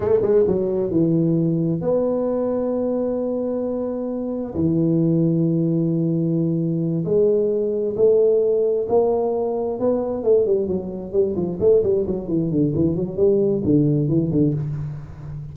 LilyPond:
\new Staff \with { instrumentName = "tuba" } { \time 4/4 \tempo 4 = 132 a8 gis8 fis4 e2 | b1~ | b2 e2~ | e2.~ e8 gis8~ |
gis4. a2 ais8~ | ais4. b4 a8 g8 fis8~ | fis8 g8 f8 a8 g8 fis8 e8 d8 | e8 fis8 g4 d4 e8 d8 | }